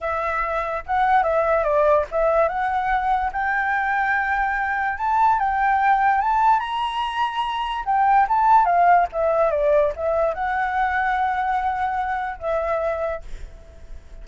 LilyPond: \new Staff \with { instrumentName = "flute" } { \time 4/4 \tempo 4 = 145 e''2 fis''4 e''4 | d''4 e''4 fis''2 | g''1 | a''4 g''2 a''4 |
ais''2. g''4 | a''4 f''4 e''4 d''4 | e''4 fis''2.~ | fis''2 e''2 | }